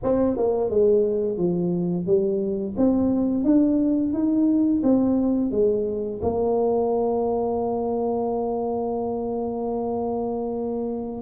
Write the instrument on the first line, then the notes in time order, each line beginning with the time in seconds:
tuba
0.03 C4
0.36 A#3
0.70 G#3
1.37 F3
2.06 G3
2.77 C4
3.44 D4
4.13 D#4
4.83 C4
5.51 G#3
6.21 A#3